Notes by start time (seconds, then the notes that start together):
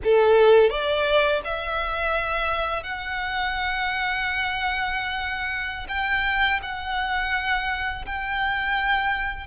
0.04 A4
0.70 D5
1.44 E5
2.83 F#5
5.88 G5
6.62 F#5
8.05 G5